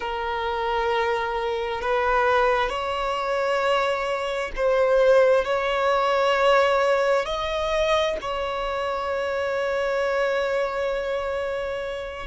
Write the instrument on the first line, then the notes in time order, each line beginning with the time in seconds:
violin
0.00 A#4
1.81 B4
2.69 C#5
4.55 C5
5.44 C#5
7.25 D#5
8.21 C#5